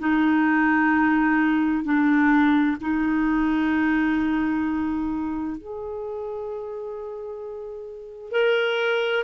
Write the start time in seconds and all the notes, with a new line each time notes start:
0.00 D#4
1.85 D4
2.82 D#4
5.58 G#4
8.32 A#4